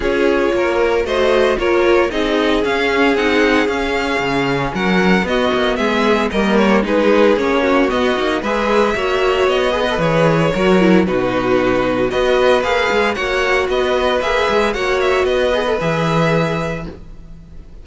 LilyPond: <<
  \new Staff \with { instrumentName = "violin" } { \time 4/4 \tempo 4 = 114 cis''2 dis''4 cis''4 | dis''4 f''4 fis''4 f''4~ | f''4 fis''4 dis''4 e''4 | dis''8 cis''8 b'4 cis''4 dis''4 |
e''2 dis''4 cis''4~ | cis''4 b'2 dis''4 | f''4 fis''4 dis''4 e''4 | fis''8 e''8 dis''4 e''2 | }
  \new Staff \with { instrumentName = "violin" } { \time 4/4 gis'4 ais'4 c''4 ais'4 | gis'1~ | gis'4 ais'4 fis'4 gis'4 | ais'4 gis'4. fis'4. |
b'4 cis''4. b'4. | ais'4 fis'2 b'4~ | b'4 cis''4 b'2 | cis''4 b'2. | }
  \new Staff \with { instrumentName = "viola" } { \time 4/4 f'2 fis'4 f'4 | dis'4 cis'4 dis'4 cis'4~ | cis'2 b2 | ais4 dis'4 cis'4 b8 dis'8 |
gis'4 fis'4. gis'16 a'16 gis'4 | fis'8 e'8 dis'2 fis'4 | gis'4 fis'2 gis'4 | fis'4. gis'16 a'16 gis'2 | }
  \new Staff \with { instrumentName = "cello" } { \time 4/4 cis'4 ais4 a4 ais4 | c'4 cis'4 c'4 cis'4 | cis4 fis4 b8 ais8 gis4 | g4 gis4 ais4 b8 ais8 |
gis4 ais4 b4 e4 | fis4 b,2 b4 | ais8 gis8 ais4 b4 ais8 gis8 | ais4 b4 e2 | }
>>